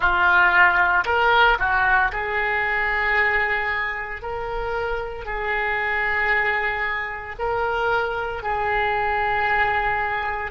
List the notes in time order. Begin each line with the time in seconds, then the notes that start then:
0.00 F4
1.05 A#4
1.58 F#4
2.11 G#4
4.22 A#4
5.25 G#4
7.39 A#4
8.42 G#4